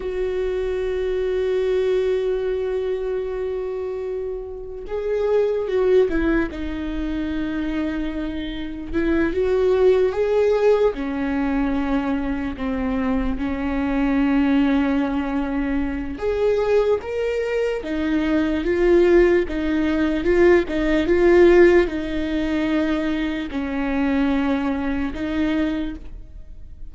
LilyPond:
\new Staff \with { instrumentName = "viola" } { \time 4/4 \tempo 4 = 74 fis'1~ | fis'2 gis'4 fis'8 e'8 | dis'2. e'8 fis'8~ | fis'8 gis'4 cis'2 c'8~ |
c'8 cis'2.~ cis'8 | gis'4 ais'4 dis'4 f'4 | dis'4 f'8 dis'8 f'4 dis'4~ | dis'4 cis'2 dis'4 | }